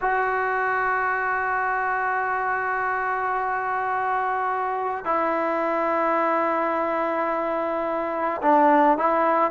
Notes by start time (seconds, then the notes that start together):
0.01 F#4
5.04 E4
8.42 D4
8.97 E4